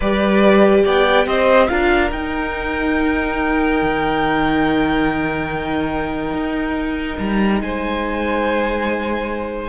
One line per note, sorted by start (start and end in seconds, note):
0.00 0.85 G3
0.00 1.68 G4
0.00 0.82 B4
0.00 0.85 D5
0.84 1.26 B3
0.84 1.26 D5
0.84 1.27 G5
1.26 1.68 C4
1.26 1.69 C5
1.26 1.68 D#5
1.68 2.11 D4
1.68 2.10 F4
1.68 7.61 A#4
1.68 2.10 F5
2.11 3.80 D#4
2.11 9.69 D#4
2.11 7.18 G5
3.81 6.33 D#3
6.33 7.18 D#4
7.18 7.61 G3
7.18 7.60 A#5
7.61 9.69 G#3
7.61 9.69 C5
7.61 9.69 G#5